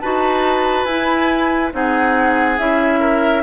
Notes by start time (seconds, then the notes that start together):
0.00 D#4 F#4 B4 A5
0.84 E4 G#5
1.72 C4 D#4 G#4 F#5
2.59 C#4 E4 E5
3.00 A#4